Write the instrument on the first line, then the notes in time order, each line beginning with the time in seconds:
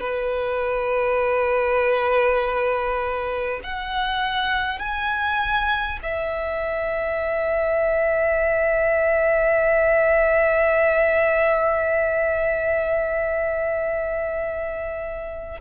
violin
0.00 B4
3.63 F#5
4.79 G#5
6.02 E5